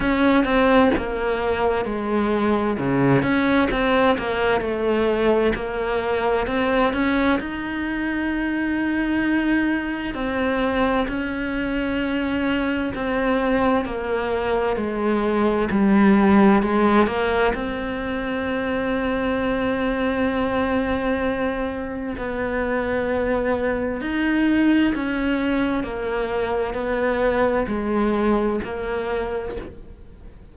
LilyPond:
\new Staff \with { instrumentName = "cello" } { \time 4/4 \tempo 4 = 65 cis'8 c'8 ais4 gis4 cis8 cis'8 | c'8 ais8 a4 ais4 c'8 cis'8 | dis'2. c'4 | cis'2 c'4 ais4 |
gis4 g4 gis8 ais8 c'4~ | c'1 | b2 dis'4 cis'4 | ais4 b4 gis4 ais4 | }